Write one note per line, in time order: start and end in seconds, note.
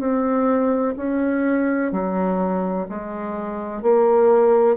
0.00 0.95 C4
0.97 1.92 C#4
1.92 2.87 F#3
2.89 3.83 G#3
3.83 4.77 A#3